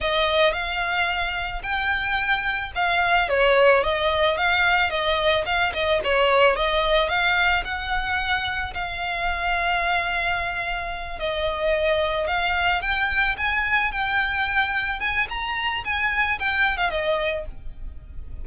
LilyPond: \new Staff \with { instrumentName = "violin" } { \time 4/4 \tempo 4 = 110 dis''4 f''2 g''4~ | g''4 f''4 cis''4 dis''4 | f''4 dis''4 f''8 dis''8 cis''4 | dis''4 f''4 fis''2 |
f''1~ | f''8 dis''2 f''4 g''8~ | g''8 gis''4 g''2 gis''8 | ais''4 gis''4 g''8. f''16 dis''4 | }